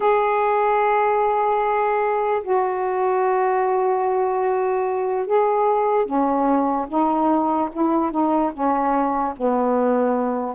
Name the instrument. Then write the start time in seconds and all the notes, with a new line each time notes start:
saxophone
0.00 G#4
2.43 F#4
5.26 G#4
6.05 C#4
6.88 D#4
7.72 E4
8.11 D#4
8.53 C#4
9.36 B3